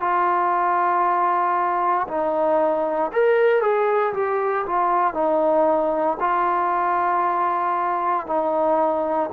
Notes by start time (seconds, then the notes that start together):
0.00 F4
2.08 D#4
3.13 A#4
3.62 G#4
4.14 G4
4.66 F4
5.14 D#4
6.20 F4
8.27 D#4